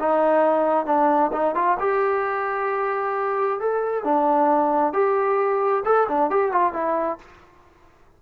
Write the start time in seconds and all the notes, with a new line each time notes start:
0.00 D#4
0.87 D4
1.33 D#4
1.55 F4
1.80 G4
3.60 A4
4.05 D4
4.94 G4
5.85 A4
6.09 D4
6.31 G4
6.52 F4
6.74 E4